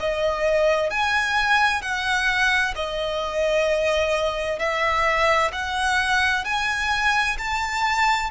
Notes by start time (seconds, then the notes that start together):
0.00 D#5
0.91 G#5
1.82 F#5
2.76 D#5
4.59 E5
5.53 F#5
6.45 G#5
7.38 A5